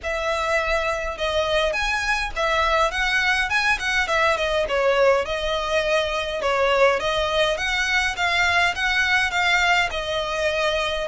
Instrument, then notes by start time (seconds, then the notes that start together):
violin
0.03 E5
1.17 D#5
1.73 G#5
2.36 E5
2.91 F#5
3.49 G#5
3.79 F#5
4.07 E5
4.36 D#5
4.68 C#5
5.25 D#5
6.41 C#5
6.99 D#5
7.57 F#5
8.16 F5
8.75 F#5
9.30 F5
9.91 D#5